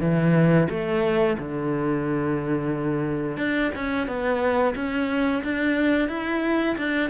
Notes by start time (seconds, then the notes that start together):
0.00 E3
0.69 A3
1.38 D3
3.37 D4
3.75 C#4
4.07 B3
4.75 C#4
5.43 D4
6.08 E4
6.77 D4